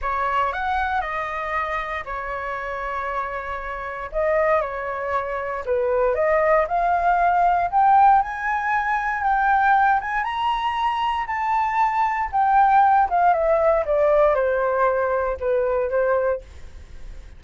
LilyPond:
\new Staff \with { instrumentName = "flute" } { \time 4/4 \tempo 4 = 117 cis''4 fis''4 dis''2 | cis''1 | dis''4 cis''2 b'4 | dis''4 f''2 g''4 |
gis''2 g''4. gis''8 | ais''2 a''2 | g''4. f''8 e''4 d''4 | c''2 b'4 c''4 | }